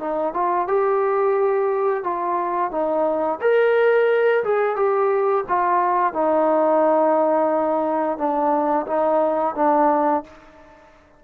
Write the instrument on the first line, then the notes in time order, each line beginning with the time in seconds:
trombone
0.00 D#4
0.34 F4
0.68 G4
2.04 F4
2.71 D#4
3.42 A#4
4.44 G#4
4.77 G4
5.49 F4
6.14 D#4
8.18 D4
8.88 D#4
9.56 D4